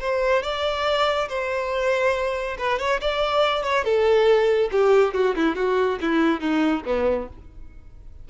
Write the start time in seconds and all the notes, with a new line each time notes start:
0.00 C5
0.43 D5
1.29 C5
2.58 B4
2.79 C#5
3.01 D5
3.63 C#5
3.84 A4
4.72 G4
5.14 F#4
5.36 E4
5.56 F#4
6.01 E4
6.40 D#4
6.86 B3